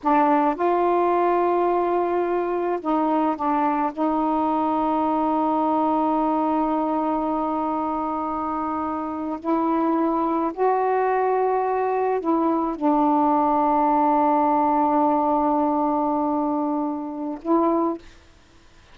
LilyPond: \new Staff \with { instrumentName = "saxophone" } { \time 4/4 \tempo 4 = 107 d'4 f'2.~ | f'4 dis'4 d'4 dis'4~ | dis'1~ | dis'1~ |
dis'8. e'2 fis'4~ fis'16~ | fis'4.~ fis'16 e'4 d'4~ d'16~ | d'1~ | d'2. e'4 | }